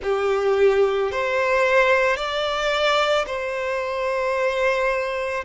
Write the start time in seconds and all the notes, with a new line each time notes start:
0.02 G4
1.12 C5
2.16 D5
3.26 C5